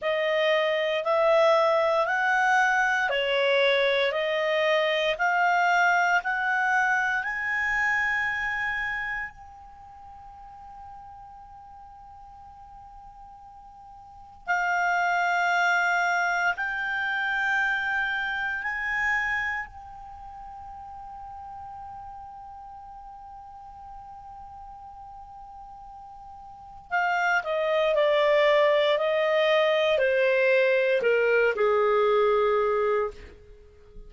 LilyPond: \new Staff \with { instrumentName = "clarinet" } { \time 4/4 \tempo 4 = 58 dis''4 e''4 fis''4 cis''4 | dis''4 f''4 fis''4 gis''4~ | gis''4 g''2.~ | g''2 f''2 |
g''2 gis''4 g''4~ | g''1~ | g''2 f''8 dis''8 d''4 | dis''4 c''4 ais'8 gis'4. | }